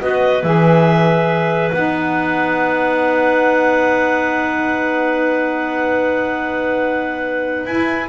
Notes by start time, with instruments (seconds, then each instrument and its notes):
0.00 double bass B3, saxophone F#4, clarinet B4 D#5
0.43 double bass E3, saxophone G#4, clarinet E5
1.73 double bass B3, saxophone D#4, clarinet F#5
7.66 double bass E4, saxophone E4, clarinet G#5